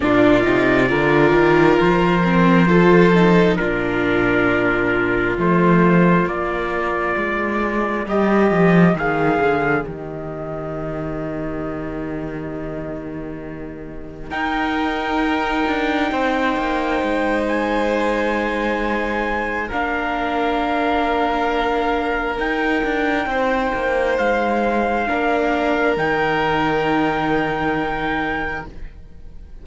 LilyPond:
<<
  \new Staff \with { instrumentName = "trumpet" } { \time 4/4 \tempo 4 = 67 d''2 c''2 | ais'2 c''4 d''4~ | d''4 dis''4 f''4 dis''4~ | dis''1 |
g''2.~ g''8 gis''8~ | gis''2 f''2~ | f''4 g''2 f''4~ | f''4 g''2. | }
  \new Staff \with { instrumentName = "violin" } { \time 4/4 f'4 ais'2 a'4 | f'1~ | f'4 g'4 gis'4 g'4~ | g'1 |
ais'2 c''2~ | c''2 ais'2~ | ais'2 c''2 | ais'1 | }
  \new Staff \with { instrumentName = "viola" } { \time 4/4 d'8 dis'8 f'4. c'8 f'8 dis'8 | d'2 a4 ais4~ | ais1~ | ais1 |
dis'1~ | dis'2 d'2~ | d'4 dis'2. | d'4 dis'2. | }
  \new Staff \with { instrumentName = "cello" } { \time 4/4 ais,8 c8 d8 dis8 f2 | ais,2 f4 ais4 | gis4 g8 f8 dis8 d8 dis4~ | dis1 |
dis'4. d'8 c'8 ais8 gis4~ | gis2 ais2~ | ais4 dis'8 d'8 c'8 ais8 gis4 | ais4 dis2. | }
>>